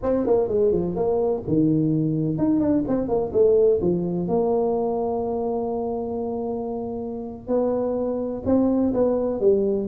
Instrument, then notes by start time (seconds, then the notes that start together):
tuba
0.03 C4
0.26 A#3
0.48 G#3
0.72 F3
0.95 A#3
1.47 D#3
2.38 D#4
2.60 D4
2.87 C4
3.08 A#3
3.32 A3
3.81 F3
4.27 A#3
7.47 B3
8.45 C4
8.93 B3
9.40 G3